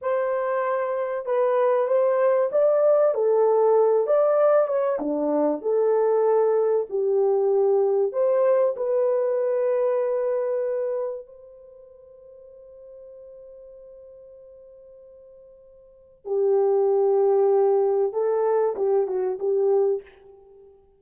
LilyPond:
\new Staff \with { instrumentName = "horn" } { \time 4/4 \tempo 4 = 96 c''2 b'4 c''4 | d''4 a'4. d''4 cis''8 | d'4 a'2 g'4~ | g'4 c''4 b'2~ |
b'2 c''2~ | c''1~ | c''2 g'2~ | g'4 a'4 g'8 fis'8 g'4 | }